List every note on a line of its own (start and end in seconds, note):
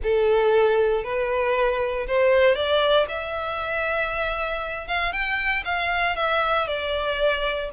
0.03 1.04 A4
1.04 2.06 B4
2.07 2.55 C5
2.55 3.06 D5
3.08 4.87 E5
4.87 5.12 F5
5.12 5.63 G5
5.64 6.16 F5
6.16 6.67 E5
6.67 7.69 D5